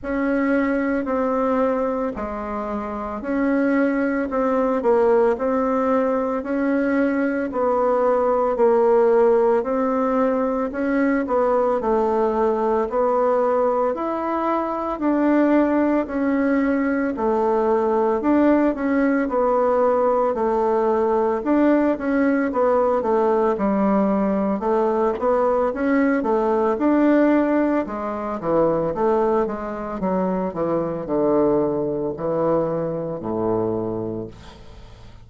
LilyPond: \new Staff \with { instrumentName = "bassoon" } { \time 4/4 \tempo 4 = 56 cis'4 c'4 gis4 cis'4 | c'8 ais8 c'4 cis'4 b4 | ais4 c'4 cis'8 b8 a4 | b4 e'4 d'4 cis'4 |
a4 d'8 cis'8 b4 a4 | d'8 cis'8 b8 a8 g4 a8 b8 | cis'8 a8 d'4 gis8 e8 a8 gis8 | fis8 e8 d4 e4 a,4 | }